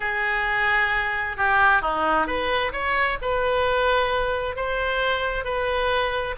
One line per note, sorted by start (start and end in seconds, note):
0.00 1.36 G#4
1.36 1.81 G4
1.81 2.26 D#4
2.26 2.72 B4
2.72 3.18 C#5
3.21 4.56 B4
4.56 5.44 C5
5.44 6.35 B4